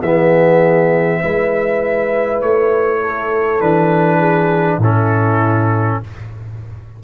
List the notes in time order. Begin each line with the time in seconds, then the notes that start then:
0.00 E3 B3 G#4 E5
1.22 G#3 E4 B4
2.41 A3 C#5
3.00 A4
3.60 E3 D4 B4
4.18 G#4
4.78 A2 C#4 E4 A4